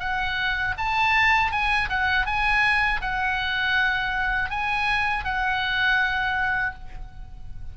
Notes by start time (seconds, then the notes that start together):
0.00 F#5
0.78 A5
1.52 G#5
1.90 F#5
2.26 G#5
3.01 F#5
4.50 G#5
5.25 F#5